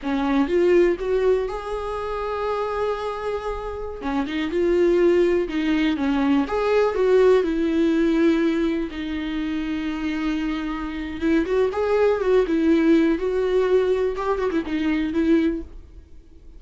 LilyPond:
\new Staff \with { instrumentName = "viola" } { \time 4/4 \tempo 4 = 123 cis'4 f'4 fis'4 gis'4~ | gis'1~ | gis'16 cis'8 dis'8 f'2 dis'8.~ | dis'16 cis'4 gis'4 fis'4 e'8.~ |
e'2~ e'16 dis'4.~ dis'16~ | dis'2. e'8 fis'8 | gis'4 fis'8 e'4. fis'4~ | fis'4 g'8 fis'16 e'16 dis'4 e'4 | }